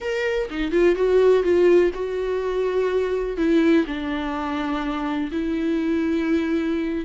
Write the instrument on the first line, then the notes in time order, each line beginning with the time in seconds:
viola
0.00 A#4
0.50 D#4
0.71 F4
0.95 F#4
1.43 F4
1.94 F#4
3.37 E4
3.86 D4
5.31 E4